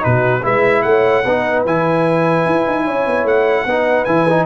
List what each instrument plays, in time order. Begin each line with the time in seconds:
0.00 tuba B2, trombone D#4, horn F#4, trumpet B4
0.43 tuba G#3, trombone E4, horn B4, trumpet E5
0.82 tuba A3, horn C#5, trumpet F#5
1.25 tuba B3, trombone D#4, horn B4
1.65 tuba E3, trombone E4, trumpet G#5
2.46 tuba E4
2.67 tuba D#4
2.84 tuba C#4, horn C#5
3.06 tuba B3
3.24 tuba A3, trumpet F#5
3.65 tuba B3, trombone D#4, horn B4
4.05 tuba E3, trombone E4, trumpet G#5
4.30 trombone D#4